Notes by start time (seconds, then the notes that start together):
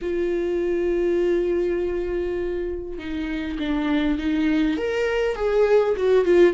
0.01 F4
2.98 D#4
3.59 D4
4.18 D#4
4.77 A#4
5.35 G#4
5.96 F#4
6.24 F4